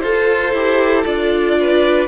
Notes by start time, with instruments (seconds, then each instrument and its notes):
0.00 cello F4, violin A4 C5, viola A4
0.53 cello E4, viola G4
1.04 cello D4, viola F4, violin D5
1.60 violin B4